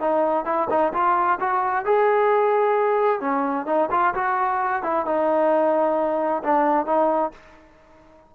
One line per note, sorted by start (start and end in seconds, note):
0.00 0.45 D#4
0.45 0.68 E4
0.70 0.93 D#4
0.93 1.39 F4
1.40 1.85 F#4
1.85 3.21 G#4
3.21 3.66 C#4
3.66 3.89 D#4
3.91 4.14 F4
4.14 4.83 F#4
4.83 5.05 E4
5.05 6.43 D#4
6.43 6.86 D4
6.86 7.32 D#4